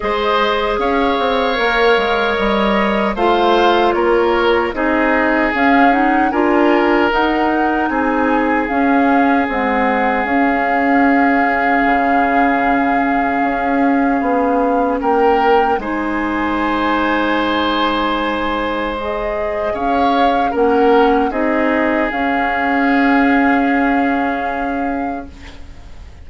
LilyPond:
<<
  \new Staff \with { instrumentName = "flute" } { \time 4/4 \tempo 4 = 76 dis''4 f''2 dis''4 | f''4 cis''4 dis''4 f''8 fis''8 | gis''4 fis''4 gis''4 f''4 | fis''4 f''2.~ |
f''2. g''4 | gis''1 | dis''4 f''4 fis''4 dis''4 | f''1 | }
  \new Staff \with { instrumentName = "oboe" } { \time 4/4 c''4 cis''2. | c''4 ais'4 gis'2 | ais'2 gis'2~ | gis'1~ |
gis'2. ais'4 | c''1~ | c''4 cis''4 ais'4 gis'4~ | gis'1 | }
  \new Staff \with { instrumentName = "clarinet" } { \time 4/4 gis'2 ais'2 | f'2 dis'4 cis'8 dis'8 | f'4 dis'2 cis'4 | gis4 cis'2.~ |
cis'1 | dis'1 | gis'2 cis'4 dis'4 | cis'1 | }
  \new Staff \with { instrumentName = "bassoon" } { \time 4/4 gis4 cis'8 c'8 ais8 gis8 g4 | a4 ais4 c'4 cis'4 | d'4 dis'4 c'4 cis'4 | c'4 cis'2 cis4~ |
cis4 cis'4 b4 ais4 | gis1~ | gis4 cis'4 ais4 c'4 | cis'1 | }
>>